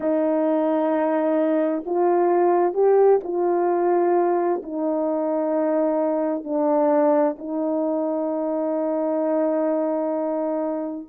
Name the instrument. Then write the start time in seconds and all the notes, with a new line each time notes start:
horn
0.00 D#4
1.85 F4
2.73 G4
3.23 F4
4.62 D#4
6.44 D4
7.38 D#4